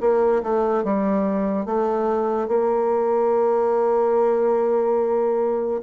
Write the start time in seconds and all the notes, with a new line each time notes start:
0.00 A#3
0.42 A3
0.84 G3
1.65 A3
2.48 A#3